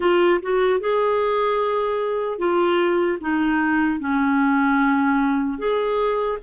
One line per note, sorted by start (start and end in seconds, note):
0.00 0.40 F4
0.42 0.80 F#4
0.80 2.38 G#4
2.38 3.18 F4
3.20 3.99 D#4
3.99 5.58 C#4
5.58 6.38 G#4